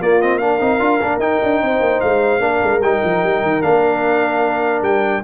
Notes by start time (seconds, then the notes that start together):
0.00 A#3 F4 D5
0.21 C4 D#5
0.38 D4 A#4 F5
0.59 C4 D#4
0.80 D4 F4
1.01 A#3 D4
1.18 D#4 G5
1.43 D4
1.62 C4 C5
1.80 A#3
2.00 G#3 F5
2.39 A#3 D4 A#4
2.63 G#3
2.81 G3 D#4 G5
3.04 F3
3.23 G3
3.42 D#3
3.62 A#3 D4 F5
4.82 G3 G5